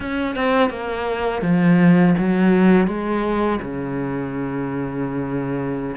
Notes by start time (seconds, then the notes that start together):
0.00 C#4
0.35 C4
0.70 A#3
1.42 F3
2.18 F#3
2.87 G#3
3.61 C#3